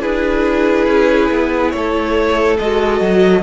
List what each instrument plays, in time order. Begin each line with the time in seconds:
0.00 cello D4, viola E4, violin G#4 B4
0.87 cello C#4
1.31 cello B3
1.71 cello A3, violin A4 C#5
2.59 cello G#3, viola F#4, violin D#5
3.01 cello F#3